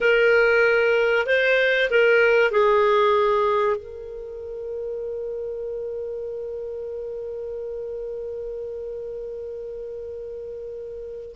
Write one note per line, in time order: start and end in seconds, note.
0.01 1.26 A#4
1.26 1.89 C5
1.90 2.51 A#4
2.51 3.76 G#4
3.76 11.34 A#4